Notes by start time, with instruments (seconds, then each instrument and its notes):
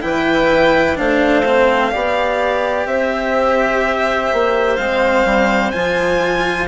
0.00 bassoon E3, cello E4, clarinet B4, violin G5
0.95 bassoon A3, cello D4, clarinet C5, violin F5
1.45 cello C4
1.91 bassoon B3, cello G4, clarinet D5
2.85 bassoon C4, clarinet C5, violin E5
4.32 bassoon A#3
4.76 bassoon G#3, cello C4, violin F5
5.24 bassoon G3
5.71 bassoon F3, cello F4, violin G#5